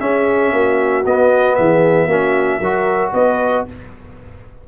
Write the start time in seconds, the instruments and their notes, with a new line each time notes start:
0.00 trombone C#4, tuba C#4, horn G#4, trumpet E5
0.53 tuba A#3, horn F#4
1.06 tuba B3, trombone B3, trumpet D#5
1.55 tuba E3, horn G#4, trumpet E5
2.07 tuba A#3, trombone C#4, horn F#4
2.60 tuba F#3, trombone F#4, horn A#4
3.13 tuba B3, horn B4, trumpet D#5